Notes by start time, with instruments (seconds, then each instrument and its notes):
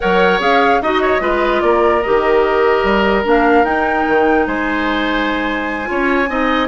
0.00 bassoon F#3, clarinet A#4, oboe C#5, flute F#5
0.39 bassoon C#4, clarinet G#4, flute F5
0.81 bassoon D#4, clarinet F#4, flute D#5, oboe D#5
1.01 oboe C#5
1.20 bassoon G#3, clarinet F4, oboe B4
1.61 bassoon A#3, oboe A#4, flute D5
2.02 bassoon D#3, clarinet G4, flute D#5
2.83 bassoon G3
3.24 bassoon A#3, clarinet D4, flute F5
3.63 bassoon D#4, clarinet D#4, flute G5
4.08 bassoon D#3
4.46 bassoon G#3, oboe C5, flute G#5
5.85 bassoon C#4, clarinet F4, oboe C#5
6.28 bassoon C4, clarinet D#4, oboe D#5